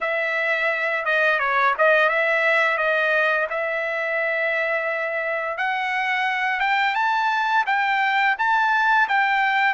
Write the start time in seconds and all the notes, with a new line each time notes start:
0.00 E5
1.05 D#5
1.39 C#5
1.78 D#5
2.09 E5
2.77 D#5
3.50 E5
5.57 F#5
6.60 G5
6.94 A5
7.66 G5
8.38 A5
9.08 G5